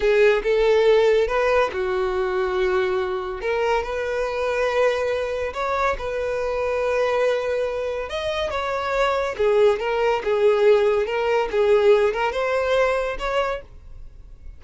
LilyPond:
\new Staff \with { instrumentName = "violin" } { \time 4/4 \tempo 4 = 141 gis'4 a'2 b'4 | fis'1 | ais'4 b'2.~ | b'4 cis''4 b'2~ |
b'2. dis''4 | cis''2 gis'4 ais'4 | gis'2 ais'4 gis'4~ | gis'8 ais'8 c''2 cis''4 | }